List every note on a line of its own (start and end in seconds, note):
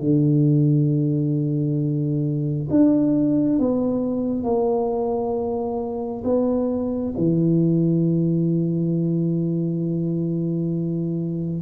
0.00 2.69 D3
2.71 3.59 D4
3.59 4.44 B3
4.44 6.23 A#3
6.24 7.14 B3
7.18 11.62 E3